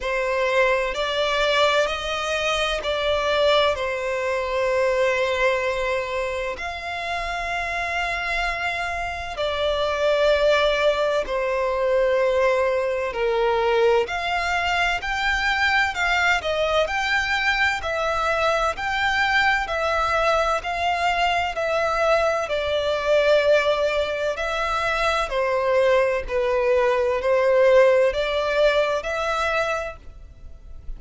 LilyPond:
\new Staff \with { instrumentName = "violin" } { \time 4/4 \tempo 4 = 64 c''4 d''4 dis''4 d''4 | c''2. f''4~ | f''2 d''2 | c''2 ais'4 f''4 |
g''4 f''8 dis''8 g''4 e''4 | g''4 e''4 f''4 e''4 | d''2 e''4 c''4 | b'4 c''4 d''4 e''4 | }